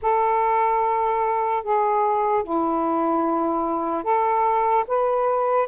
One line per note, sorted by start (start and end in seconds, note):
0.01 1.63 A4
1.63 2.43 G#4
2.43 4.03 E4
4.03 4.84 A4
4.87 5.68 B4